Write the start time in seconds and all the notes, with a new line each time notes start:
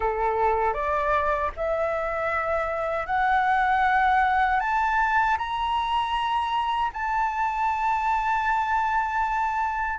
0.00 A4
0.73 D5
1.56 E5
3.06 F#5
4.60 A5
5.37 A#5
6.93 A5